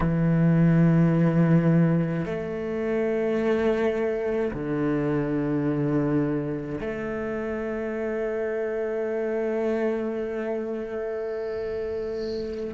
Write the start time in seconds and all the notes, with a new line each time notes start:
0.00 E3
2.25 A3
4.53 D3
6.80 A3